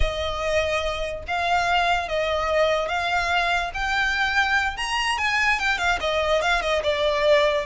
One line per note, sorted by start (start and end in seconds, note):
0.00 1.23 D#5
1.27 2.08 F5
2.08 2.88 D#5
2.88 3.71 F5
3.74 4.76 G5
4.76 5.17 A#5
5.17 5.59 G#5
5.59 5.78 G5
5.78 5.98 F5
6.00 6.41 D#5
6.41 6.61 F5
6.61 6.82 D#5
6.83 7.65 D5